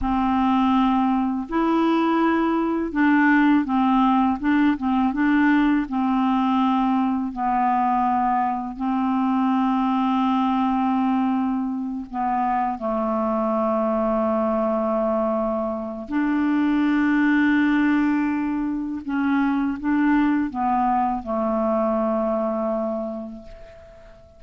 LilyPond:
\new Staff \with { instrumentName = "clarinet" } { \time 4/4 \tempo 4 = 82 c'2 e'2 | d'4 c'4 d'8 c'8 d'4 | c'2 b2 | c'1~ |
c'8 b4 a2~ a8~ | a2 d'2~ | d'2 cis'4 d'4 | b4 a2. | }